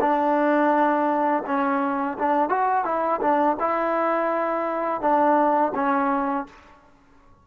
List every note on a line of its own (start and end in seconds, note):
0.00 1.43 D4
1.46 2.18 C#4
2.18 2.49 D4
2.49 2.84 F#4
2.84 3.20 E4
3.21 3.56 D4
3.59 5.01 E4
5.01 5.72 D4
5.75 6.46 C#4